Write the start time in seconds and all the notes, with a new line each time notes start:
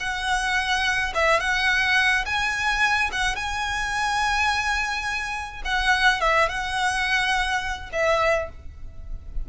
0.00 F#5
1.14 E5
1.40 F#5
2.26 G#5
3.12 F#5
3.36 G#5
5.65 F#5
6.21 E5
6.49 F#5
7.92 E5